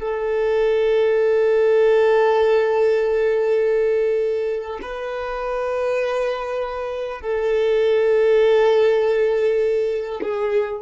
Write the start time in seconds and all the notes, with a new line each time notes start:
0.00 A4
4.82 B4
7.22 A4
10.22 G#4